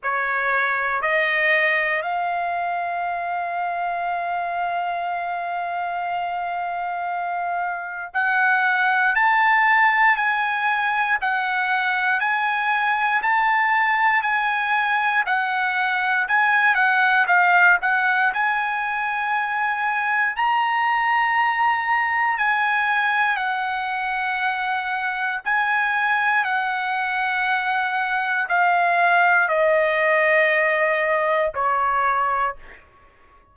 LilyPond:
\new Staff \with { instrumentName = "trumpet" } { \time 4/4 \tempo 4 = 59 cis''4 dis''4 f''2~ | f''1 | fis''4 a''4 gis''4 fis''4 | gis''4 a''4 gis''4 fis''4 |
gis''8 fis''8 f''8 fis''8 gis''2 | ais''2 gis''4 fis''4~ | fis''4 gis''4 fis''2 | f''4 dis''2 cis''4 | }